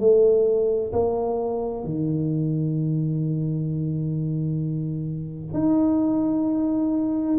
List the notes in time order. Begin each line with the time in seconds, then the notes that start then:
0.00 A3
0.92 A#3
1.84 D#3
5.53 D#4